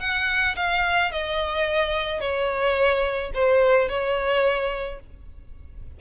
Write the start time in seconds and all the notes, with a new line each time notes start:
0.00 F#5
0.56 F5
1.12 D#5
2.21 C#5
3.34 C5
3.89 C#5